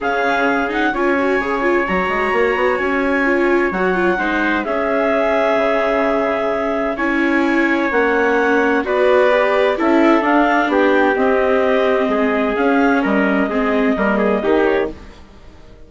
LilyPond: <<
  \new Staff \with { instrumentName = "clarinet" } { \time 4/4 \tempo 4 = 129 f''4. fis''8 gis''2 | ais''2 gis''2 | fis''2 e''2~ | e''2. gis''4~ |
gis''4 fis''2 d''4~ | d''4 e''4 f''4 g''4 | dis''2. f''4 | dis''2.~ dis''8 cis''8 | }
  \new Staff \with { instrumentName = "trumpet" } { \time 4/4 gis'2 cis''2~ | cis''1~ | cis''4 c''4 gis'2~ | gis'2. cis''4~ |
cis''2. b'4~ | b'4 a'2 g'4~ | g'2 gis'2 | ais'4 gis'4 ais'8 gis'8 g'4 | }
  \new Staff \with { instrumentName = "viola" } { \time 4/4 cis'4. dis'8 f'8 fis'8 gis'8 f'8 | fis'2. f'4 | fis'8 f'8 dis'4 cis'2~ | cis'2. e'4~ |
e'4 cis'2 fis'4 | g'4 e'4 d'2 | c'2. cis'4~ | cis'4 c'4 ais4 dis'4 | }
  \new Staff \with { instrumentName = "bassoon" } { \time 4/4 cis2 cis'4 cis4 | fis8 gis8 ais8 b8 cis'2 | fis4 gis4 cis'2 | cis2. cis'4~ |
cis'4 ais2 b4~ | b4 cis'4 d'4 b4 | c'2 gis4 cis'4 | g4 gis4 g4 dis4 | }
>>